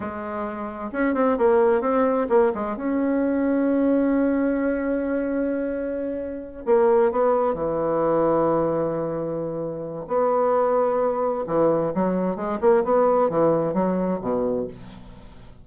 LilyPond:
\new Staff \with { instrumentName = "bassoon" } { \time 4/4 \tempo 4 = 131 gis2 cis'8 c'8 ais4 | c'4 ais8 gis8 cis'2~ | cis'1~ | cis'2~ cis'8 ais4 b8~ |
b8 e2.~ e8~ | e2 b2~ | b4 e4 fis4 gis8 ais8 | b4 e4 fis4 b,4 | }